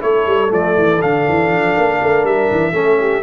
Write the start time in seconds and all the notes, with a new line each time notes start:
0.00 A3 E4 A4 C#5
0.27 G3
0.48 F3 A3 D5
0.78 E3
1.02 D3 D4 F5
1.29 E3
1.50 F3
1.77 A#3
2.01 A3 A#4
2.24 G3 E5
2.51 E3
2.73 A3 C#4 A4
3.00 G4